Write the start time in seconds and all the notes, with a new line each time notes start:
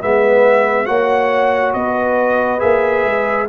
0.00 G#3 B3 B4 E5
0.86 A#3 F#4 C#5 F#5
1.73 B3 B4 D#5
2.59 A#3 G#4 E5
3.05 G#3